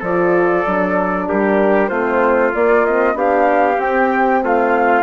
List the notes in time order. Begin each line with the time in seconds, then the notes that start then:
0.00 F3 F4 A4 D5
0.66 F#3 D4
1.28 G3 G4 A#4
1.88 A3 C4 F4 C5
2.54 A#3 D5
2.85 C4 D#5
3.14 B3 D4 G4 F5
3.78 C4 G5
4.43 A3 F4 F5